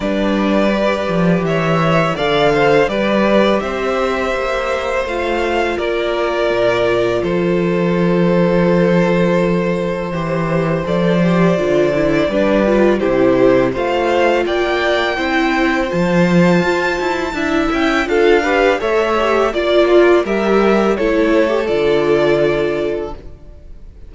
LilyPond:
<<
  \new Staff \with { instrumentName = "violin" } { \time 4/4 \tempo 4 = 83 d''2 e''4 f''4 | d''4 e''2 f''4 | d''2 c''2~ | c''2. d''4~ |
d''2 c''4 f''4 | g''2 a''2~ | a''8 g''8 f''4 e''4 d''4 | e''4 cis''4 d''2 | }
  \new Staff \with { instrumentName = "violin" } { \time 4/4 b'2 cis''4 d''8 c''8 | b'4 c''2. | ais'2 a'2~ | a'2 c''2~ |
c''4 b'4 g'4 c''4 | d''4 c''2. | e''4 a'8 b'8 cis''4 d''8 f'8 | ais'4 a'2. | }
  \new Staff \with { instrumentName = "viola" } { \time 4/4 d'4 g'2 a'4 | g'2. f'4~ | f'1~ | f'2 g'4 a'8 g'8 |
f'8 e'8 d'8 f'8 e'4 f'4~ | f'4 e'4 f'2 | e'4 f'8 g'8 a'8 g'8 f'4 | g'4 e'8. g'16 f'2 | }
  \new Staff \with { instrumentName = "cello" } { \time 4/4 g4. f8 e4 d4 | g4 c'4 ais4 a4 | ais4 ais,4 f2~ | f2 e4 f4 |
d4 g4 c4 a4 | ais4 c'4 f4 f'8 e'8 | d'8 cis'8 d'4 a4 ais4 | g4 a4 d2 | }
>>